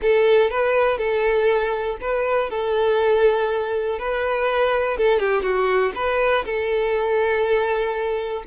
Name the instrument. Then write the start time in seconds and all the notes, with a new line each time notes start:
violin
0.02 A4
0.50 B4
0.98 A4
2.00 B4
2.50 A4
3.98 B4
4.97 A4
5.19 G4
5.42 F#4
5.95 B4
6.45 A4